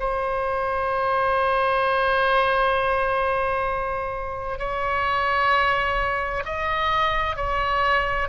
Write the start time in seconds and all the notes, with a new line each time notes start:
0.00 C5
4.59 C#5
6.46 D#5
7.36 C#5